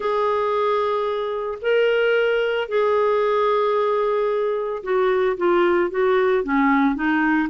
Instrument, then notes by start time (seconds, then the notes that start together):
clarinet
0.00 G#4
1.61 A#4
2.68 G#4
4.83 F#4
5.37 F4
5.90 F#4
6.43 C#4
6.95 D#4